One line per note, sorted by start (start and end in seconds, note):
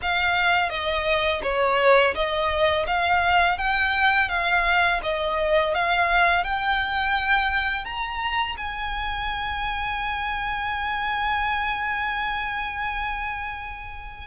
0.02 0.69 F5
0.69 1.41 D#5
1.43 2.14 C#5
2.14 2.86 D#5
2.86 3.57 F5
3.57 4.29 G5
4.29 5.00 F5
5.03 5.74 D#5
5.74 6.44 F5
6.44 7.84 G5
7.84 8.56 A#5
8.57 14.27 G#5